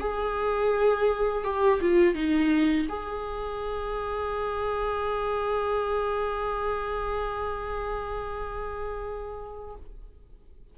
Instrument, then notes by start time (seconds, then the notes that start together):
viola
0.00 G#4
1.44 G4
1.81 F4
2.15 D#4
2.89 G#4